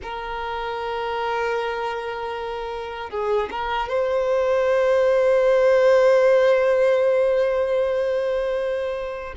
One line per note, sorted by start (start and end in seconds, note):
0.02 3.10 A#4
3.10 3.49 G#4
3.51 3.88 A#4
3.88 9.34 C5